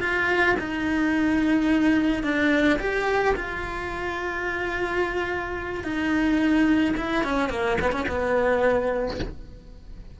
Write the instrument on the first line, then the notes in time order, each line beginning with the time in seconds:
cello
0.00 F4
0.59 D#4
2.23 D4
2.79 G4
3.35 F4
5.84 D#4
6.97 E4
7.24 C#4
7.50 A#3
7.81 B3
7.92 C#4
8.08 B3